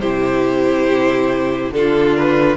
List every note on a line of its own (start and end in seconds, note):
0.00 1.71 C3
0.00 1.74 E4
0.00 1.71 G4
0.00 1.72 C5
1.71 2.56 D3
1.71 2.56 D4
1.71 2.56 F4
1.71 2.16 A4
2.16 2.56 B4